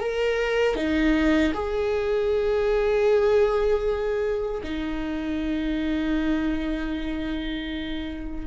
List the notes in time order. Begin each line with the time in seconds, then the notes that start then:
0.00 A#4
0.76 D#4
1.54 G#4
4.63 D#4